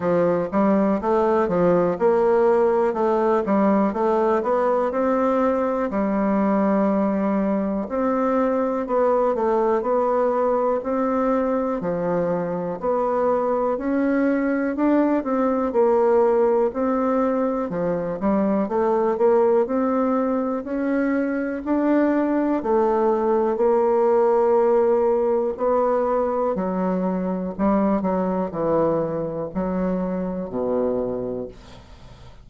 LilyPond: \new Staff \with { instrumentName = "bassoon" } { \time 4/4 \tempo 4 = 61 f8 g8 a8 f8 ais4 a8 g8 | a8 b8 c'4 g2 | c'4 b8 a8 b4 c'4 | f4 b4 cis'4 d'8 c'8 |
ais4 c'4 f8 g8 a8 ais8 | c'4 cis'4 d'4 a4 | ais2 b4 fis4 | g8 fis8 e4 fis4 b,4 | }